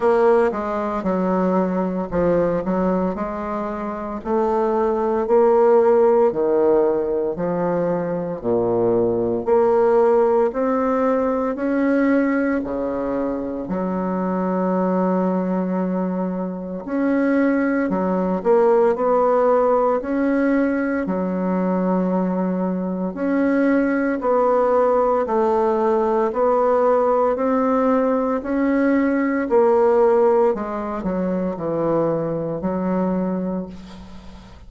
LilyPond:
\new Staff \with { instrumentName = "bassoon" } { \time 4/4 \tempo 4 = 57 ais8 gis8 fis4 f8 fis8 gis4 | a4 ais4 dis4 f4 | ais,4 ais4 c'4 cis'4 | cis4 fis2. |
cis'4 fis8 ais8 b4 cis'4 | fis2 cis'4 b4 | a4 b4 c'4 cis'4 | ais4 gis8 fis8 e4 fis4 | }